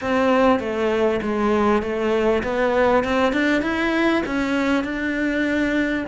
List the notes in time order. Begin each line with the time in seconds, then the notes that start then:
0.01 C4
0.59 A3
1.22 G#3
1.82 A3
2.43 B3
3.04 C4
3.33 D4
3.62 E4
4.26 C#4
4.83 D4